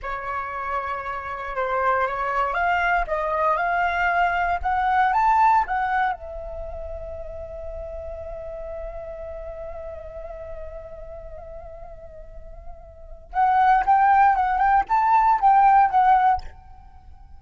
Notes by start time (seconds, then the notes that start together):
0.02 C#5
1.56 C5
2.07 C#5
2.54 F5
3.07 D#5
3.56 F5
4.62 F#5
5.13 A5
5.67 F#5
6.12 E5
13.32 F#5
13.86 G5
14.35 F#5
14.58 G5
14.88 A5
15.40 G5
15.90 F#5